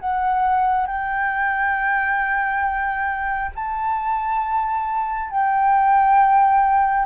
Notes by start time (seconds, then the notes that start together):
0.00 F#5
0.87 G5
3.56 A5
5.31 G5